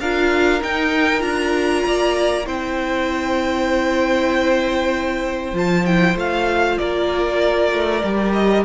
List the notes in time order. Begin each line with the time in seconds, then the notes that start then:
0.00 D4 F4 A#4 F5
0.61 D#4 G5
1.19 D4 F4 A#5
1.86 A#3 D5
2.45 C4 E4 C5 G5
5.53 F3 F4 A5
5.86 E4 G5
6.15 A3 F4 F5
6.78 A#3 A#4 D5
7.72 A3
8.03 G3 G4
8.33 D#5